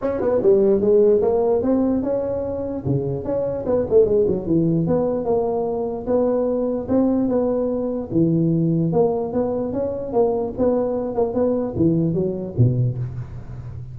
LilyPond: \new Staff \with { instrumentName = "tuba" } { \time 4/4 \tempo 4 = 148 cis'8 b8 g4 gis4 ais4 | c'4 cis'2 cis4 | cis'4 b8 a8 gis8 fis8 e4 | b4 ais2 b4~ |
b4 c'4 b2 | e2 ais4 b4 | cis'4 ais4 b4. ais8 | b4 e4 fis4 b,4 | }